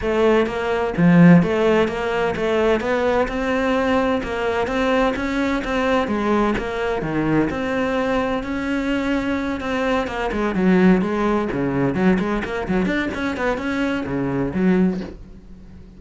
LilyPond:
\new Staff \with { instrumentName = "cello" } { \time 4/4 \tempo 4 = 128 a4 ais4 f4 a4 | ais4 a4 b4 c'4~ | c'4 ais4 c'4 cis'4 | c'4 gis4 ais4 dis4 |
c'2 cis'2~ | cis'8 c'4 ais8 gis8 fis4 gis8~ | gis8 cis4 fis8 gis8 ais8 fis8 d'8 | cis'8 b8 cis'4 cis4 fis4 | }